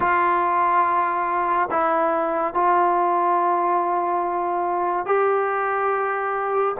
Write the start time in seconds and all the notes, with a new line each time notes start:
0.00 F4
1.70 E4
2.54 F4
5.06 G4